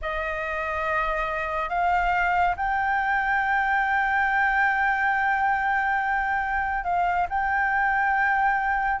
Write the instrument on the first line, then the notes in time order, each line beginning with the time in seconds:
flute
0.01 D#5
1.69 F5
2.56 G5
6.84 F5
7.29 G5